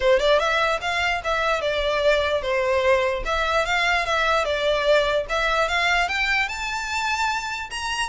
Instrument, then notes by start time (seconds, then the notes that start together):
violin
0.00 C5
0.19 D5
0.39 E5
0.81 F5
1.24 E5
1.61 D5
2.42 C5
3.25 E5
3.65 F5
4.05 E5
4.44 D5
5.29 E5
5.68 F5
6.08 G5
6.48 A5
7.70 A#5